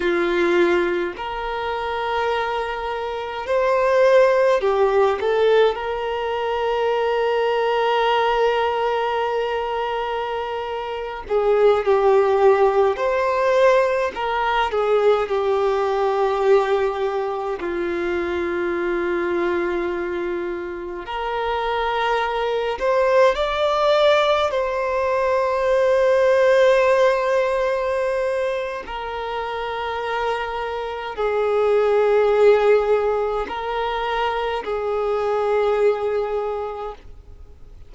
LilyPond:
\new Staff \with { instrumentName = "violin" } { \time 4/4 \tempo 4 = 52 f'4 ais'2 c''4 | g'8 a'8 ais'2.~ | ais'4.~ ais'16 gis'8 g'4 c''8.~ | c''16 ais'8 gis'8 g'2 f'8.~ |
f'2~ f'16 ais'4. c''16~ | c''16 d''4 c''2~ c''8.~ | c''4 ais'2 gis'4~ | gis'4 ais'4 gis'2 | }